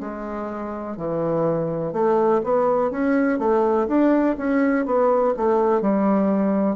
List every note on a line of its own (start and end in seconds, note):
0.00 0.97 G#3
0.97 1.93 E3
1.93 2.41 A3
2.43 2.91 B3
2.91 3.39 C#4
3.39 3.87 A3
3.88 4.36 D4
4.38 4.85 C#4
4.85 5.34 B3
5.37 5.81 A3
5.81 6.76 G3